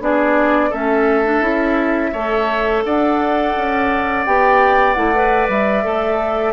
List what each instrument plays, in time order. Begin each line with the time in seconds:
0.00 bassoon B3, clarinet D4, oboe G#4, flute D5
0.70 bassoon A3, clarinet C#4, oboe A4, flute E5
1.25 clarinet D4
1.40 bassoon C#4, clarinet E4
2.12 bassoon A3, clarinet A4, oboe C#5
2.85 bassoon D4, oboe D5, flute F#5
3.57 bassoon C#4
4.25 bassoon B3, clarinet G4, flute G5
4.94 bassoon A3, clarinet E4, flute F#5
5.15 clarinet B4
5.48 bassoon G3, flute E5
5.84 bassoon A3, clarinet A4